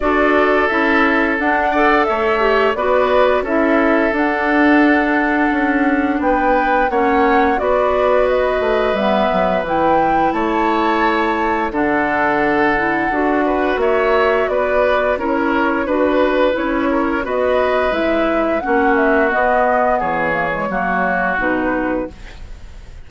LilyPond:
<<
  \new Staff \with { instrumentName = "flute" } { \time 4/4 \tempo 4 = 87 d''4 e''4 fis''4 e''4 | d''4 e''4 fis''2~ | fis''4 g''4 fis''4 d''4 | dis''4 e''4 g''4 a''4~ |
a''4 fis''2. | e''4 d''4 cis''4 b'4 | cis''4 dis''4 e''4 fis''8 e''8 | dis''4 cis''2 b'4 | }
  \new Staff \with { instrumentName = "oboe" } { \time 4/4 a'2~ a'8 d''8 cis''4 | b'4 a'2.~ | a'4 b'4 cis''4 b'4~ | b'2. cis''4~ |
cis''4 a'2~ a'8 b'8 | cis''4 b'4 ais'4 b'4~ | b'8 ais'8 b'2 fis'4~ | fis'4 gis'4 fis'2 | }
  \new Staff \with { instrumentName = "clarinet" } { \time 4/4 fis'4 e'4 d'8 a'4 g'8 | fis'4 e'4 d'2~ | d'2 cis'4 fis'4~ | fis'4 b4 e'2~ |
e'4 d'4. e'8 fis'4~ | fis'2 e'4 fis'4 | e'4 fis'4 e'4 cis'4 | b4. ais16 gis16 ais4 dis'4 | }
  \new Staff \with { instrumentName = "bassoon" } { \time 4/4 d'4 cis'4 d'4 a4 | b4 cis'4 d'2 | cis'4 b4 ais4 b4~ | b8 a8 g8 fis8 e4 a4~ |
a4 d2 d'4 | ais4 b4 cis'4 d'4 | cis'4 b4 gis4 ais4 | b4 e4 fis4 b,4 | }
>>